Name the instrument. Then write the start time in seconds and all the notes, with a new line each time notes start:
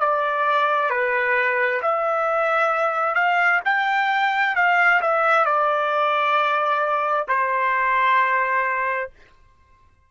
trumpet
0.00 D5
0.90 B4
1.82 E5
3.15 F5
3.65 G5
4.55 F5
5.01 E5
5.45 D5
7.28 C5